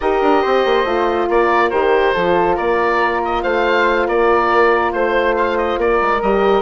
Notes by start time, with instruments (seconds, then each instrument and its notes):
0.00 bassoon D#4, horn G4, flute A#4, oboe D#5
0.21 bassoon D4
0.41 bassoon C4, flute C5
0.65 bassoon A#3
0.84 bassoon A3, horn F4
1.29 bassoon A#3, flute A#4, oboe D5
1.70 bassoon D#3, horn G4, oboe C5
2.14 bassoon F3, horn F4, flute A4
2.55 bassoon A#3, flute A#4, oboe D5
3.24 oboe D#5
3.43 bassoon A3, flute C5, oboe F5
4.06 bassoon A#3, flute A#4, oboe D5
4.92 bassoon A3, oboe C5, flute C5
5.36 oboe F5
5.57 oboe D#5
5.77 bassoon A#3, flute A#4, oboe D5
6.01 bassoon G#3
6.21 bassoon G3, horn G4, oboe D#5